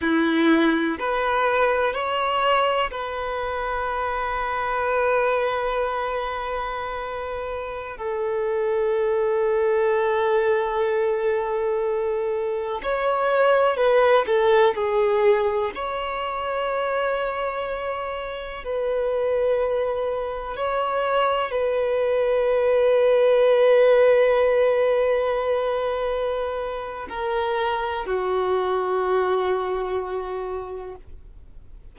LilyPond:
\new Staff \with { instrumentName = "violin" } { \time 4/4 \tempo 4 = 62 e'4 b'4 cis''4 b'4~ | b'1~ | b'16 a'2.~ a'8.~ | a'4~ a'16 cis''4 b'8 a'8 gis'8.~ |
gis'16 cis''2. b'8.~ | b'4~ b'16 cis''4 b'4.~ b'16~ | b'1 | ais'4 fis'2. | }